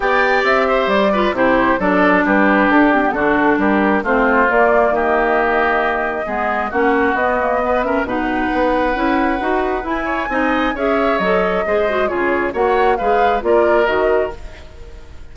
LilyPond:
<<
  \new Staff \with { instrumentName = "flute" } { \time 4/4 \tempo 4 = 134 g''4 e''4 d''4 c''4 | d''4 b'4 a'8 g'8 a'4 | ais'4 c''4 d''4 dis''4~ | dis''2. fis''4 |
dis''4. e''8 fis''2~ | fis''2 gis''2 | e''4 dis''2 cis''4 | fis''4 f''4 d''4 dis''4 | }
  \new Staff \with { instrumentName = "oboe" } { \time 4/4 d''4. c''4 b'8 g'4 | a'4 g'2 fis'4 | g'4 f'2 g'4~ | g'2 gis'4 fis'4~ |
fis'4 b'8 ais'8 b'2~ | b'2~ b'8 cis''8 dis''4 | cis''2 c''4 gis'4 | cis''4 b'4 ais'2 | }
  \new Staff \with { instrumentName = "clarinet" } { \time 4/4 g'2~ g'8 f'8 e'4 | d'2~ d'8 c'16 b16 d'4~ | d'4 c'4 ais2~ | ais2 b4 cis'4 |
b8 ais8 b8 cis'8 dis'2 | e'4 fis'4 e'4 dis'4 | gis'4 a'4 gis'8 fis'8 f'4 | fis'4 gis'4 f'4 fis'4 | }
  \new Staff \with { instrumentName = "bassoon" } { \time 4/4 b4 c'4 g4 c4 | fis4 g4 d'4 d4 | g4 a4 ais4 dis4~ | dis2 gis4 ais4 |
b2 b,4 b4 | cis'4 dis'4 e'4 c'4 | cis'4 fis4 gis4 cis4 | ais4 gis4 ais4 dis4 | }
>>